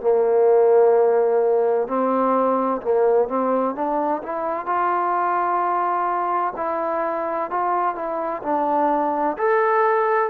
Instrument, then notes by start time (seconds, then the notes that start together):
trombone
0.00 A#3
1.87 C4
2.81 A#3
3.28 C4
3.75 D4
4.22 E4
4.66 F4
6.56 E4
7.50 F4
7.95 E4
8.42 D4
9.37 A4